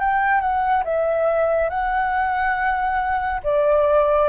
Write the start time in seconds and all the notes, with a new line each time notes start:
0.00 G5
0.41 F#5
0.85 E5
1.69 F#5
3.44 D5